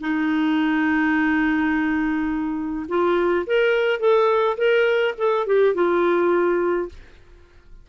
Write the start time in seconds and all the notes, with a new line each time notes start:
0.00 D#4
2.88 F4
3.46 A#4
3.99 A4
4.57 A#4
5.17 A4
5.46 G4
5.74 F4